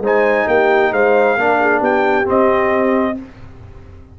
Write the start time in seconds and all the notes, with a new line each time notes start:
0.00 G#3 D#4 C5
0.06 G#5
0.48 A#3 G4 G5
0.92 G#3 C5 F5
1.37 A#3 D4 A#4
1.61 G#4
1.80 B3 G4 G5
2.25 C4 D#5